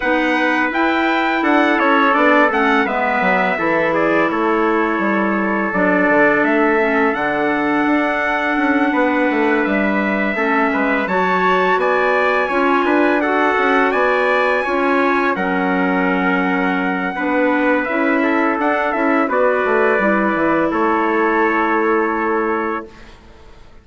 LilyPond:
<<
  \new Staff \with { instrumentName = "trumpet" } { \time 4/4 \tempo 4 = 84 fis''4 g''4 fis''8 cis''8 d''8 fis''8 | e''4. d''8 cis''2 | d''4 e''4 fis''2~ | fis''4. e''2 a''8~ |
a''8 gis''2 fis''4 gis''8~ | gis''4. fis''2~ fis''8~ | fis''4 e''4 fis''8 e''8 d''4~ | d''4 cis''2. | }
  \new Staff \with { instrumentName = "trumpet" } { \time 4/4 b'2 a'2 | b'4 a'8 gis'8 a'2~ | a'1~ | a'8 b'2 a'8 b'8 cis''8~ |
cis''8 d''4 cis''8 b'8 a'4 d''8~ | d''8 cis''4 ais'2~ ais'8 | b'4. a'4. b'4~ | b'4 a'2. | }
  \new Staff \with { instrumentName = "clarinet" } { \time 4/4 dis'4 e'2 d'8 cis'8 | b4 e'2. | d'4. cis'8 d'2~ | d'2~ d'8 cis'4 fis'8~ |
fis'4. f'4 fis'4.~ | fis'8 f'4 cis'2~ cis'8 | d'4 e'4 d'8 e'8 fis'4 | e'1 | }
  \new Staff \with { instrumentName = "bassoon" } { \time 4/4 b4 e'4 d'8 cis'8 b8 a8 | gis8 fis8 e4 a4 g4 | fis8 d8 a4 d4 d'4 | cis'8 b8 a8 g4 a8 gis8 fis8~ |
fis8 b4 cis'8 d'4 cis'8 b8~ | b8 cis'4 fis2~ fis8 | b4 cis'4 d'8 cis'8 b8 a8 | g8 e8 a2. | }
>>